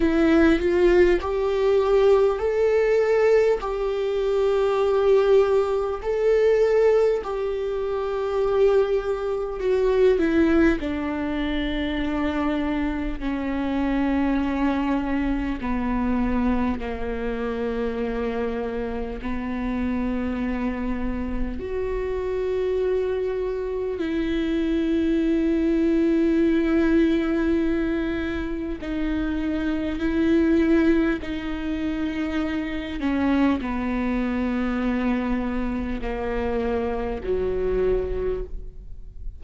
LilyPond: \new Staff \with { instrumentName = "viola" } { \time 4/4 \tempo 4 = 50 e'8 f'8 g'4 a'4 g'4~ | g'4 a'4 g'2 | fis'8 e'8 d'2 cis'4~ | cis'4 b4 ais2 |
b2 fis'2 | e'1 | dis'4 e'4 dis'4. cis'8 | b2 ais4 fis4 | }